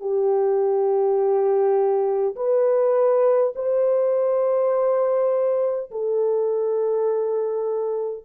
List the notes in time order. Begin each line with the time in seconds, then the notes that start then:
0.00 G4
2.36 B4
3.56 C5
5.91 A4